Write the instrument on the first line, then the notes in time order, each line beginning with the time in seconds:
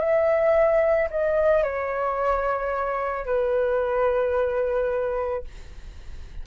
flute
0.00 E5
1.11 D#5
1.64 C#5
3.26 B4